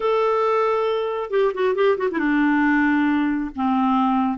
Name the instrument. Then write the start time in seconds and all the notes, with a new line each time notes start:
clarinet
0.00 A4
1.30 G4
1.54 F#4
1.75 G4
1.97 F#4
2.11 E4
2.19 D4
3.55 C4